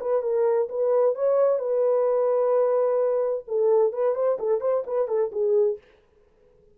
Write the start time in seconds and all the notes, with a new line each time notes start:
0.00 B4
0.22 A#4
0.68 B4
1.14 C#5
1.59 B4
3.47 A4
3.92 B4
4.14 C5
4.38 A4
4.60 C5
4.86 B4
5.07 A4
5.31 G#4